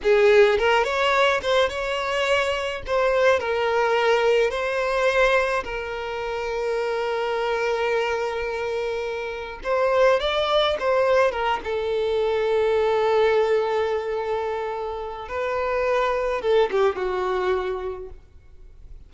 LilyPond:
\new Staff \with { instrumentName = "violin" } { \time 4/4 \tempo 4 = 106 gis'4 ais'8 cis''4 c''8 cis''4~ | cis''4 c''4 ais'2 | c''2 ais'2~ | ais'1~ |
ais'4 c''4 d''4 c''4 | ais'8 a'2.~ a'8~ | a'2. b'4~ | b'4 a'8 g'8 fis'2 | }